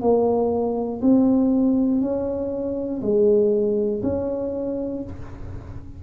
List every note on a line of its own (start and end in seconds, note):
0.00 1.00 A#3
1.01 2.00 C4
2.00 3.00 C#4
3.01 4.01 G#3
4.02 5.02 C#4